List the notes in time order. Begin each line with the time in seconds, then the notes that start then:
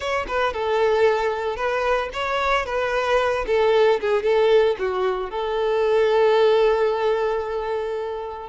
0.00 C#5
0.27 B4
0.53 A4
1.56 B4
2.13 C#5
2.65 B4
3.46 A4
4.00 G#4
4.22 A4
4.78 F#4
5.30 A4